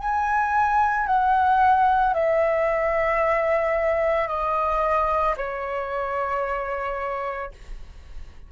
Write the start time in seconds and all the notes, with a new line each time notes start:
0.00 G#5
1.07 F#5
2.14 E5
4.29 D#5
5.38 C#5